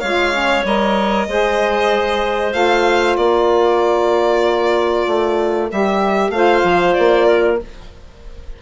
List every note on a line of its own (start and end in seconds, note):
0.00 0.64 G#3
0.00 0.32 F4
0.00 1.26 C#5
0.00 0.63 F5
0.32 0.64 C#4
0.64 1.27 G3
0.64 1.28 A#4
0.64 2.53 D#5
1.27 2.54 G#3
1.27 2.52 G#4
1.27 3.19 C5
2.52 3.17 A3
2.52 5.68 F4
2.52 3.16 F5
3.16 5.07 A#3
3.16 6.35 A#4
3.16 5.69 D5
5.07 5.70 A3
5.72 6.30 G3
5.72 6.33 G4
5.72 6.31 E5
6.30 6.61 A3
6.30 7.59 F4
6.30 7.26 C5
6.30 6.94 F5
6.64 6.95 F3
6.94 7.62 A#3
6.94 7.57 D5
7.26 7.58 A#4